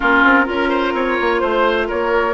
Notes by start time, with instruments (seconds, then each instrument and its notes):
0.00 bassoon A#3, clarinet C#4, oboe F4, flute A#4
0.24 bassoon C4
0.45 bassoon C#4, clarinet F4, oboe A#4
0.69 oboe C5
0.93 bassoon C4, oboe C#5
1.20 bassoon A#3
1.38 bassoon A3, flute C5, oboe C5
1.87 bassoon A#3, oboe A#4, flute C#5